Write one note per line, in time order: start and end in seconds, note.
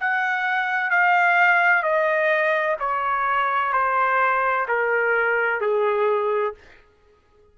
0.00 0.91 F#5
0.91 1.83 F5
1.83 2.77 D#5
2.80 3.73 C#5
3.73 4.67 C5
4.68 5.61 A#4
5.61 6.55 G#4